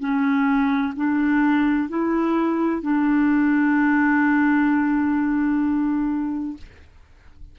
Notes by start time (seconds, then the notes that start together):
0.00 C#4
0.96 D4
1.89 E4
2.83 D4